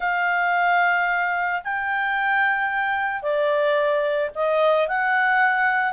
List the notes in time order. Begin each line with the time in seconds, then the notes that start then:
0.00 F5
1.64 G5
3.22 D5
4.34 D#5
4.88 F#5